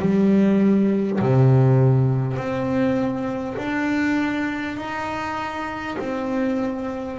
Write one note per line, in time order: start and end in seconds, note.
0.00 1.20 G3
1.21 2.37 C3
2.37 3.57 C4
3.58 4.77 D4
4.77 5.97 D#4
5.99 7.19 C4